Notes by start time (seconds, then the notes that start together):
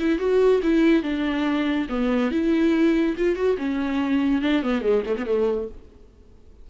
0.00 E4
0.19 F#4
0.63 E4
1.03 D4
1.90 B3
2.32 E4
3.17 F4
3.36 F#4
3.58 C#4
4.42 D4
4.63 B3
4.82 G#3
5.06 A3
5.18 B3
5.26 A3